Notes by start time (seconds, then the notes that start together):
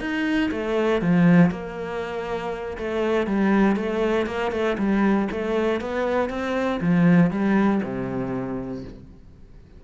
0.00 D#4
0.51 A3
1.01 F3
1.51 A#3
2.77 A3
3.27 G3
3.76 A3
4.26 A#3
4.51 A3
4.78 G3
5.31 A3
5.81 B3
6.29 C4
6.80 F3
7.30 G3
7.83 C3